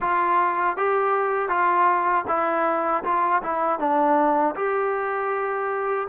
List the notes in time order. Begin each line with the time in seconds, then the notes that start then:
0.00 F4
0.77 G4
1.48 F4
2.28 E4
3.03 F4
3.42 E4
3.79 D4
4.55 G4